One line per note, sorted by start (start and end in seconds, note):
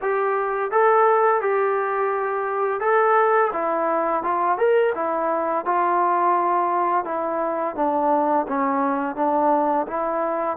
0.01 0.71 G4
0.71 1.41 A4
1.41 2.80 G4
2.80 3.51 A4
3.52 4.23 E4
4.23 4.58 F4
4.58 4.93 A#4
4.94 5.65 E4
5.65 7.05 F4
7.05 7.75 E4
7.75 8.46 D4
8.48 9.15 C#4
9.15 9.86 D4
9.87 10.57 E4